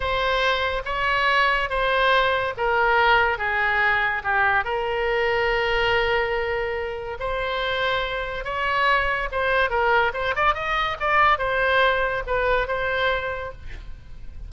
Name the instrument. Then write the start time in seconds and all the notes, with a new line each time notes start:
oboe
0.00 C5
0.85 C#5
1.69 C5
2.57 A#4
3.37 G#4
4.23 G4
4.64 A#4
7.19 C5
8.44 C#5
9.31 C5
9.70 A#4
10.13 C5
10.35 D5
10.54 D#5
11.00 D5
11.38 C5
12.27 B4
12.67 C5